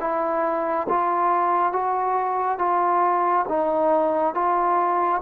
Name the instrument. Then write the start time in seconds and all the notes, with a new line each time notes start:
trombone
0.00 E4
0.89 F4
1.72 F#4
2.58 F4
3.48 D#4
4.34 F4